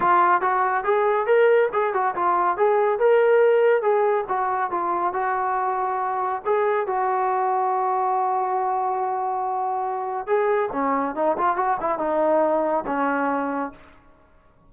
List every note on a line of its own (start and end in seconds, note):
0.00 0.41 F4
0.41 0.84 F#4
0.84 1.26 G#4
1.26 1.69 A#4
1.73 1.93 G#4
1.93 2.14 F#4
2.15 2.57 F4
2.57 2.99 G#4
2.99 3.82 A#4
3.82 4.24 G#4
4.28 4.70 F#4
4.70 5.13 F4
5.13 6.41 F#4
6.45 6.86 G#4
6.86 10.26 F#4
10.26 10.69 G#4
10.72 11.15 C#4
11.15 11.36 D#4
11.37 11.56 F4
11.56 11.77 F#4
11.80 11.98 E4
11.98 12.84 D#4
12.86 13.71 C#4